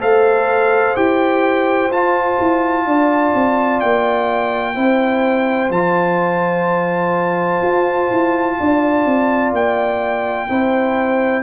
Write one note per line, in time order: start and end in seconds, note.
0.00 0.95 A3
0.00 0.96 A4
0.00 2.86 C5
0.00 0.96 F5
0.96 1.91 E4
0.96 1.91 G4
0.96 1.92 G5
1.91 2.38 F4
1.91 4.75 F4
1.91 3.81 A5
2.41 2.86 E4
2.86 3.34 D4
2.86 4.76 D5
3.35 3.83 C4
3.81 4.77 A#3
3.81 5.71 G5
4.75 5.70 C4
4.75 5.71 E4
4.75 8.57 C5
5.70 7.61 F3
5.70 10.49 F4
5.70 9.53 A5
7.62 8.10 F4
8.11 8.59 E4
8.60 9.06 D4
8.60 10.50 D5
9.06 9.53 C4
9.53 10.48 A#3
9.53 11.43 G5
10.49 11.43 C4
10.49 11.43 E4
10.49 11.43 C5